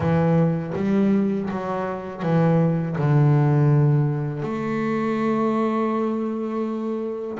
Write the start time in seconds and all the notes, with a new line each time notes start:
0.00 E3
0.75 G3
1.50 F#3
2.22 E3
2.98 D3
4.42 A3